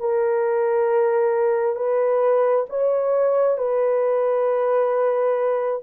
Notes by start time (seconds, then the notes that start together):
0.00 A#4
1.76 B4
2.70 C#5
3.58 B4